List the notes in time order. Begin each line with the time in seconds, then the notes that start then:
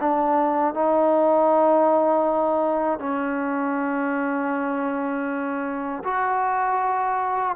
0.00 D4
0.74 D#4
2.99 C#4
6.04 F#4